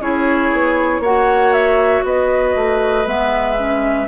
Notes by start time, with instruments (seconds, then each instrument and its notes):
0.00 bassoon C#4, clarinet E4, oboe G#4, flute C#5
0.53 bassoon B3
1.00 bassoon A#3, clarinet F#4, oboe C#5, flute F#5
1.53 flute E5
2.04 bassoon B3, oboe B4, flute D#5
2.55 bassoon A3
3.06 bassoon G#3, clarinet B3, flute E5
3.58 clarinet C#4